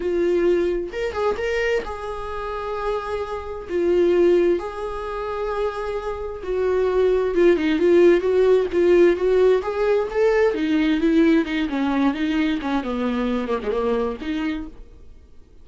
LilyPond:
\new Staff \with { instrumentName = "viola" } { \time 4/4 \tempo 4 = 131 f'2 ais'8 gis'8 ais'4 | gis'1 | f'2 gis'2~ | gis'2 fis'2 |
f'8 dis'8 f'4 fis'4 f'4 | fis'4 gis'4 a'4 dis'4 | e'4 dis'8 cis'4 dis'4 cis'8 | b4. ais16 gis16 ais4 dis'4 | }